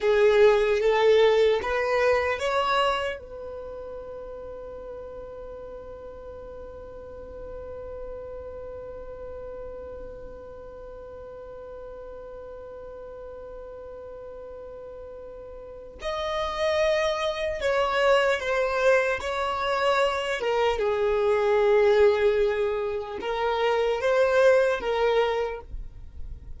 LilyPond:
\new Staff \with { instrumentName = "violin" } { \time 4/4 \tempo 4 = 75 gis'4 a'4 b'4 cis''4 | b'1~ | b'1~ | b'1~ |
b'1 | dis''2 cis''4 c''4 | cis''4. ais'8 gis'2~ | gis'4 ais'4 c''4 ais'4 | }